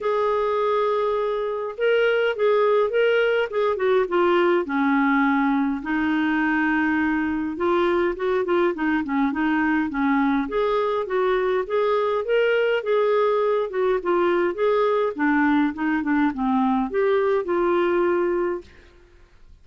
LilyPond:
\new Staff \with { instrumentName = "clarinet" } { \time 4/4 \tempo 4 = 103 gis'2. ais'4 | gis'4 ais'4 gis'8 fis'8 f'4 | cis'2 dis'2~ | dis'4 f'4 fis'8 f'8 dis'8 cis'8 |
dis'4 cis'4 gis'4 fis'4 | gis'4 ais'4 gis'4. fis'8 | f'4 gis'4 d'4 dis'8 d'8 | c'4 g'4 f'2 | }